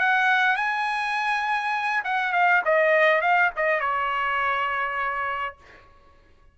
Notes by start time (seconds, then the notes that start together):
0.00 F#5
0.57 G#5
2.05 F#5
2.33 F5
2.66 D#5
3.22 F5
3.57 D#5
3.81 C#5